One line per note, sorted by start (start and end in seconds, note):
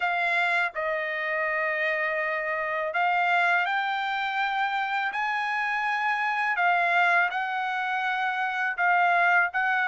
0.00 0.72 F5
0.75 2.93 D#5
2.93 3.66 F5
3.66 5.12 G5
5.12 6.56 G#5
6.56 7.29 F5
7.30 8.76 F#5
8.77 9.50 F5
9.53 9.88 F#5